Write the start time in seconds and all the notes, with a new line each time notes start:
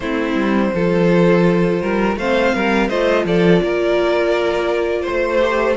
0.00 A3 C4 E4 C5
0.34 G3
0.73 F3 F4 A4
1.81 G3 A#4
2.16 A3 C4 C5 F5
2.54 G3 A#4
2.88 A3 F4 C5 D#5
3.24 F3 A4 D5
3.62 A#3 A#4
5.01 C5
5.09 A3
5.39 G4